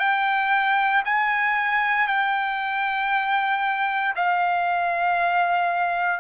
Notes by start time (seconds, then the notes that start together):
0.00 G5
1.05 G#5
2.08 G5
4.17 F5